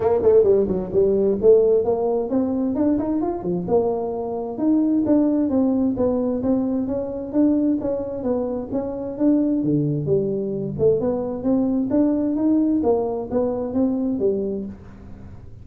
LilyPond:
\new Staff \with { instrumentName = "tuba" } { \time 4/4 \tempo 4 = 131 ais8 a8 g8 fis8 g4 a4 | ais4 c'4 d'8 dis'8 f'8 f8 | ais2 dis'4 d'4 | c'4 b4 c'4 cis'4 |
d'4 cis'4 b4 cis'4 | d'4 d4 g4. a8 | b4 c'4 d'4 dis'4 | ais4 b4 c'4 g4 | }